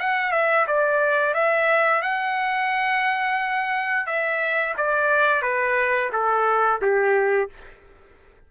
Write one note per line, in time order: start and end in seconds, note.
0.00 0.32 F#5
0.32 0.66 E5
0.68 1.35 D5
1.35 2.03 E5
2.03 4.07 F#5
4.07 4.75 E5
4.78 5.42 D5
5.42 6.11 B4
6.13 6.81 A4
6.82 7.50 G4